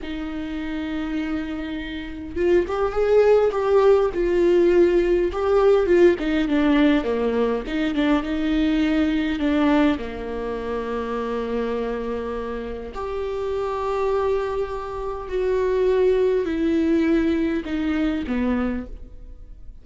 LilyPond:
\new Staff \with { instrumentName = "viola" } { \time 4/4 \tempo 4 = 102 dis'1 | f'8 g'8 gis'4 g'4 f'4~ | f'4 g'4 f'8 dis'8 d'4 | ais4 dis'8 d'8 dis'2 |
d'4 ais2.~ | ais2 g'2~ | g'2 fis'2 | e'2 dis'4 b4 | }